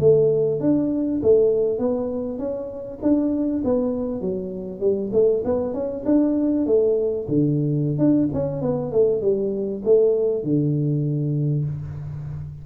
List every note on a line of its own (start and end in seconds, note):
0.00 0.60 A3
0.60 1.21 D4
1.23 1.79 A3
1.79 2.39 B3
2.39 2.99 C#4
3.02 3.63 D4
3.64 4.21 B3
4.21 4.80 F#3
4.80 5.11 G3
5.13 5.43 A3
5.45 5.74 B3
5.74 6.04 C#4
6.06 6.66 D4
6.66 7.27 A3
7.28 7.98 D3
7.98 8.29 D4
8.33 8.62 C#4
8.62 8.92 B3
8.92 9.22 A3
9.22 9.82 G3
9.85 10.44 A3
10.44 11.65 D3